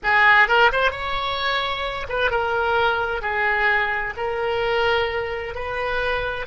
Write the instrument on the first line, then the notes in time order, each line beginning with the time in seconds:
oboe
0.03 G#4
0.48 A#4
0.72 C5
0.91 C#5
2.08 B4
2.30 A#4
3.21 G#4
4.16 A#4
5.54 B4